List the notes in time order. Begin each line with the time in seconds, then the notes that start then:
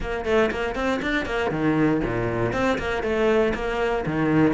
0.00 A#3
0.25 A3
0.51 A#3
0.75 C4
1.02 D4
1.25 A#3
1.51 D#3
2.04 A#2
2.52 C4
2.78 A#3
3.03 A3
3.54 A#3
4.06 D#3